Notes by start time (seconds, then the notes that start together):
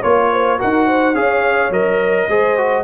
0.00 A#3 F4 C#5
0.31 C5
0.58 D#4 F#4 A#4 F#5
0.86 C5
1.14 C#4 G#4 C#5 F5
1.70 F#3 A#4 D#5
2.28 G#3 G#4 C5
2.57 F#4